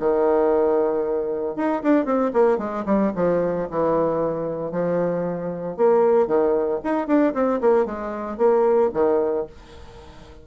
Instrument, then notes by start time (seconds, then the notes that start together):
bassoon
0.00 D#3
1.56 D#4
1.83 D4
2.06 C4
2.33 A#3
2.58 G#3
2.86 G3
3.16 F3
3.71 E3
4.72 F3
5.77 A#3
6.28 D#3
6.84 D#4
7.08 D4
7.34 C4
7.61 A#3
7.86 G#3
8.38 A#3
8.94 D#3